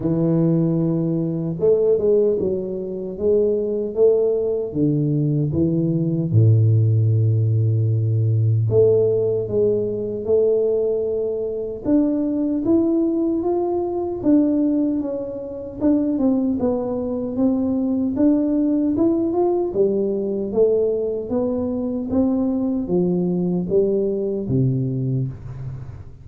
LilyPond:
\new Staff \with { instrumentName = "tuba" } { \time 4/4 \tempo 4 = 76 e2 a8 gis8 fis4 | gis4 a4 d4 e4 | a,2. a4 | gis4 a2 d'4 |
e'4 f'4 d'4 cis'4 | d'8 c'8 b4 c'4 d'4 | e'8 f'8 g4 a4 b4 | c'4 f4 g4 c4 | }